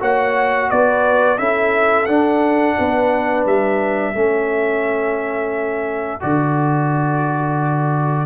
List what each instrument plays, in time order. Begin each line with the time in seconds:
0.00 tuba A#3, trombone F#4, horn C#5, trumpet F#5
0.70 tuba B3, horn B4, trumpet D5
1.39 tuba C#4, trombone E4, horn A4, trumpet E5
2.06 tuba D4, trombone D4, trumpet F#5
2.78 tuba B3, horn B4
3.46 tuba G3, trumpet E5
4.15 tuba A3, trombone C#4, horn A4
6.21 tuba D3, trombone F#4, trumpet D5